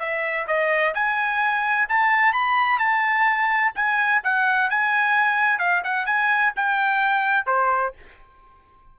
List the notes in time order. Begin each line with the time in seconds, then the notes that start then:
0.00 E5
0.48 D#5
0.95 G#5
1.89 A5
2.33 B5
2.79 A5
3.76 G#5
4.24 F#5
4.70 G#5
5.59 F5
5.84 F#5
6.06 G#5
6.56 G5
7.47 C5